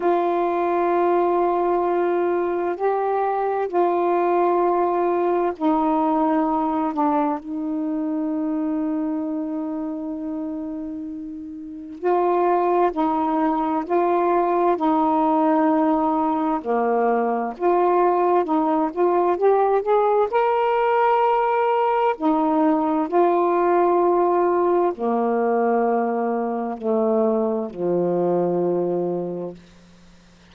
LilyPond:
\new Staff \with { instrumentName = "saxophone" } { \time 4/4 \tempo 4 = 65 f'2. g'4 | f'2 dis'4. d'8 | dis'1~ | dis'4 f'4 dis'4 f'4 |
dis'2 ais4 f'4 | dis'8 f'8 g'8 gis'8 ais'2 | dis'4 f'2 ais4~ | ais4 a4 f2 | }